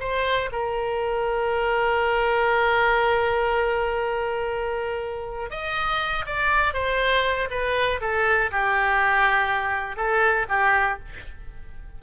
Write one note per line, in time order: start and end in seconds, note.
0.00 0.50 C5
0.52 5.50 A#4
5.50 6.25 D#5
6.26 6.74 D5
6.74 7.49 C5
7.50 8.00 B4
8.00 8.50 A4
8.51 9.96 G4
9.96 10.46 A4
10.48 10.98 G4